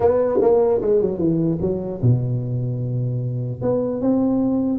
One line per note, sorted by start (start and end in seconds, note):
0.00 0.40 B3
0.41 0.81 A#3
0.81 1.01 G#3
1.01 1.18 F#3
1.18 1.58 E3
1.61 2.01 F#3
2.01 3.61 B2
3.61 4.01 B3
4.01 4.79 C4